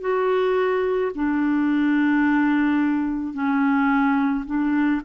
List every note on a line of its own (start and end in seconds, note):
0.00 1.11 F#4
1.15 3.33 D4
3.33 4.44 C#4
4.45 5.01 D4